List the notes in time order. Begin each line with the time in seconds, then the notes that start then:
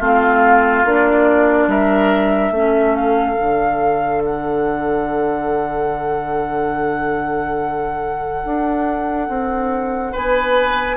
0.00 A3 C4 F4 F5
0.85 A#3 D4 D5
1.68 G3 A#4 E5
2.51 A3 C#4 A4
2.96 F5
3.37 D3 D4
4.25 F#5
8.46 D4
9.29 C4
10.12 B3 B4 G#5